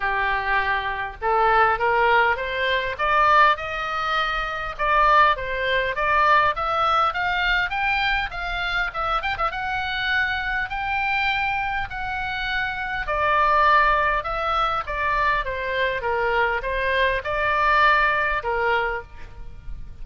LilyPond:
\new Staff \with { instrumentName = "oboe" } { \time 4/4 \tempo 4 = 101 g'2 a'4 ais'4 | c''4 d''4 dis''2 | d''4 c''4 d''4 e''4 | f''4 g''4 f''4 e''8 g''16 e''16 |
fis''2 g''2 | fis''2 d''2 | e''4 d''4 c''4 ais'4 | c''4 d''2 ais'4 | }